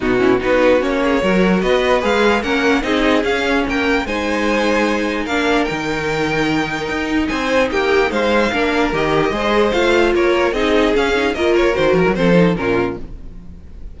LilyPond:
<<
  \new Staff \with { instrumentName = "violin" } { \time 4/4 \tempo 4 = 148 fis'4 b'4 cis''2 | dis''4 f''4 fis''4 dis''4 | f''4 g''4 gis''2~ | gis''4 f''4 g''2~ |
g''2 gis''4 g''4 | f''2 dis''2 | f''4 cis''4 dis''4 f''4 | dis''8 cis''8 c''8 ais'8 c''4 ais'4 | }
  \new Staff \with { instrumentName = "violin" } { \time 4/4 dis'8 e'8 fis'4. gis'8 ais'4 | b'2 ais'4 gis'4~ | gis'4 ais'4 c''2~ | c''4 ais'2.~ |
ais'2 c''4 g'4 | c''4 ais'2 c''4~ | c''4 ais'4 gis'2 | ais'2 a'4 f'4 | }
  \new Staff \with { instrumentName = "viola" } { \time 4/4 b8 cis'8 dis'4 cis'4 fis'4~ | fis'4 gis'4 cis'4 dis'4 | cis'2 dis'2~ | dis'4 d'4 dis'2~ |
dis'1~ | dis'4 d'4 g'4 gis'4 | f'2 dis'4 cis'8 dis'8 | f'4 fis'4 c'8 dis'8 cis'4 | }
  \new Staff \with { instrumentName = "cello" } { \time 4/4 b,4 b4 ais4 fis4 | b4 gis4 ais4 c'4 | cis'4 ais4 gis2~ | gis4 ais4 dis2~ |
dis4 dis'4 c'4 ais4 | gis4 ais4 dis4 gis4 | a4 ais4 c'4 cis'4 | ais4 dis8 f16 fis16 f4 ais,4 | }
>>